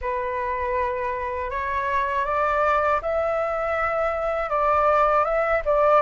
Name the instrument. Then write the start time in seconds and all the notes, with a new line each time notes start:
flute
0.01 B4
1.50 C#5
2.25 D5
3.02 E5
4.49 D5
5.24 E5
5.65 D5